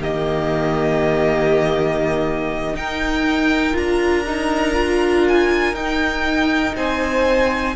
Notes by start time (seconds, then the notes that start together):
0.00 D#3 A#3 G4 D#5
2.74 D#4 A#4 G5
3.73 D4 F4 A#5
4.27 D#4
4.75 F4
5.28 G#5
5.73 D#4 G5
6.76 C4 C5 G#5